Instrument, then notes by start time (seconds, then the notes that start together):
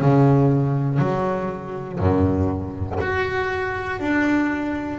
double bass
0.00 C#3
0.98 F#3
1.98 F#2
3.00 F#4
4.00 D4